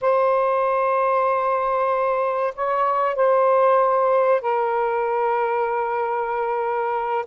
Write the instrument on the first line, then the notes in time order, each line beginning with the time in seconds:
saxophone
0.01 C5
2.55 C#5
3.16 C5
4.41 A#4